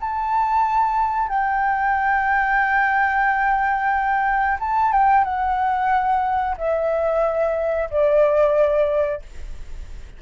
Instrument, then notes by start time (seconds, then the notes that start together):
flute
0.00 A5
1.28 G5
4.59 A5
4.92 G5
5.24 F#5
6.57 E5
7.90 D5